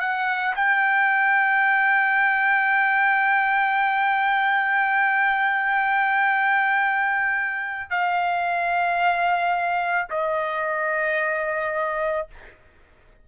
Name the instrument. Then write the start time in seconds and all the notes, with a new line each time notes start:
trumpet
0.00 F#5
0.56 G5
7.90 F5
10.10 D#5